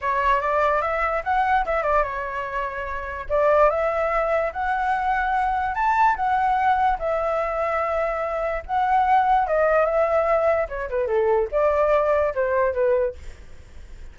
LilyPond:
\new Staff \with { instrumentName = "flute" } { \time 4/4 \tempo 4 = 146 cis''4 d''4 e''4 fis''4 | e''8 d''8 cis''2. | d''4 e''2 fis''4~ | fis''2 a''4 fis''4~ |
fis''4 e''2.~ | e''4 fis''2 dis''4 | e''2 cis''8 b'8 a'4 | d''2 c''4 b'4 | }